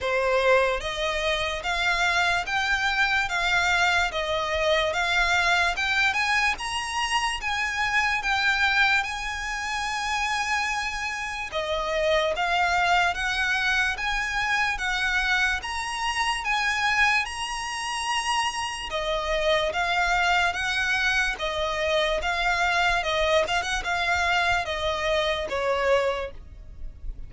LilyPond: \new Staff \with { instrumentName = "violin" } { \time 4/4 \tempo 4 = 73 c''4 dis''4 f''4 g''4 | f''4 dis''4 f''4 g''8 gis''8 | ais''4 gis''4 g''4 gis''4~ | gis''2 dis''4 f''4 |
fis''4 gis''4 fis''4 ais''4 | gis''4 ais''2 dis''4 | f''4 fis''4 dis''4 f''4 | dis''8 f''16 fis''16 f''4 dis''4 cis''4 | }